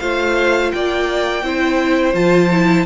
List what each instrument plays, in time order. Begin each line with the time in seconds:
0.00 cello A3, viola F4, violin C5 F5
0.71 cello A#3, violin D5 G5
1.43 cello C4, viola E4, violin C5
2.14 cello F3, viola F4, violin A5
2.52 viola E4